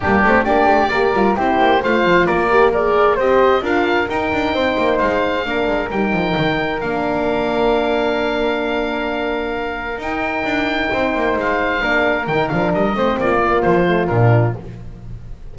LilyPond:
<<
  \new Staff \with { instrumentName = "oboe" } { \time 4/4 \tempo 4 = 132 g'4 d''2 c''4 | f''4 d''4 ais'4 dis''4 | f''4 g''2 f''4~ | f''4 g''2 f''4~ |
f''1~ | f''2 g''2~ | g''4 f''2 g''8 f''8 | dis''4 d''4 c''4 ais'4 | }
  \new Staff \with { instrumentName = "flute" } { \time 4/4 d'4 g'4 ais'4 g'4 | c''4 ais'4 d''4 c''4 | ais'2 c''2 | ais'1~ |
ais'1~ | ais'1 | c''2 ais'2~ | ais'8 c''8 f'2. | }
  \new Staff \with { instrumentName = "horn" } { \time 4/4 ais8 c'8 d'4 g'8 f'8 e'4 | f'4. g'8 gis'4 g'4 | f'4 dis'2. | d'4 dis'2 d'4~ |
d'1~ | d'2 dis'2~ | dis'2 d'4 dis'8 d'8~ | d'8 c'4 ais4 a8 d'4 | }
  \new Staff \with { instrumentName = "double bass" } { \time 4/4 g8 a8 ais8 a8 ais8 g8 c'8 ais8 | a8 f8 ais2 c'4 | d'4 dis'8 d'8 c'8 ais8 gis4 | ais8 gis8 g8 f8 dis4 ais4~ |
ais1~ | ais2 dis'4 d'4 | c'8 ais8 gis4 ais4 dis8 f8 | g8 a8 ais4 f4 ais,4 | }
>>